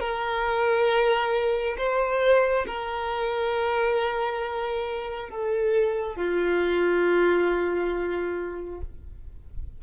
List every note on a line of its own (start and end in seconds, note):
0.00 1.76 A#4
1.78 2.66 C5
2.67 5.30 A#4
5.30 6.16 A4
6.16 8.81 F4